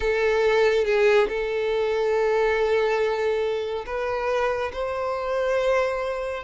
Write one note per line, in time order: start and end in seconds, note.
0.00 0.84 A4
0.84 1.27 G#4
1.28 3.85 A4
3.86 4.71 B4
4.72 6.43 C5